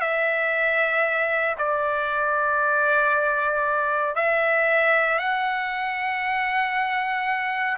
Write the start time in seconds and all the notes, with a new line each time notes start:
0.00 E5
1.58 D5
4.15 E5
5.18 F#5